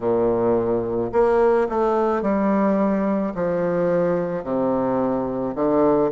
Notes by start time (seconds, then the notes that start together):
0.00 A#2
1.12 A#3
1.69 A3
2.22 G3
3.34 F3
4.43 C3
5.55 D3